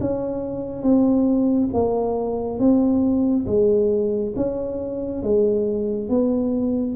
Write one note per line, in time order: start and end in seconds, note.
0.00 0.82 C#4
0.82 1.69 C4
1.73 2.59 A#3
2.59 3.46 C4
3.46 4.33 G#3
4.36 5.23 C#4
5.23 6.09 G#3
6.09 6.95 B3